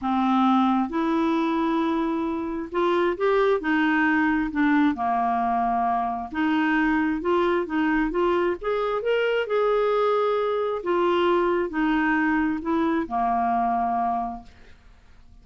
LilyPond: \new Staff \with { instrumentName = "clarinet" } { \time 4/4 \tempo 4 = 133 c'2 e'2~ | e'2 f'4 g'4 | dis'2 d'4 ais4~ | ais2 dis'2 |
f'4 dis'4 f'4 gis'4 | ais'4 gis'2. | f'2 dis'2 | e'4 ais2. | }